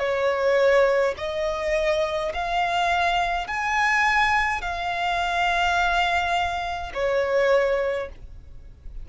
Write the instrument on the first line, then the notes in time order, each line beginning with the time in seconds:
violin
0.00 C#5
1.18 D#5
2.34 F5
3.48 G#5
4.62 F5
6.94 C#5